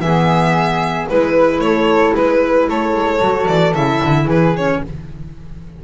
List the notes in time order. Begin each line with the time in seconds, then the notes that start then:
0.00 E3 B3 G#4 E5
1.09 G#3 E4 B4
1.59 A3 A4 C#5
2.14 G#3 B4
2.68 A3 A4 C#5
2.93 G#3
3.20 F#3 F#4
3.47 E3 D5
3.74 C#3 E4 E5
4.04 D3
4.25 E3 G#4 B4
4.57 C#4 C#5